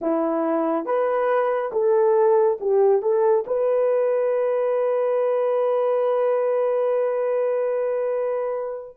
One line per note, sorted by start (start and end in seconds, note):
0.01 0.85 E4
0.85 1.71 B4
1.72 2.58 A4
2.60 3.02 G4
3.02 3.44 A4
3.46 8.97 B4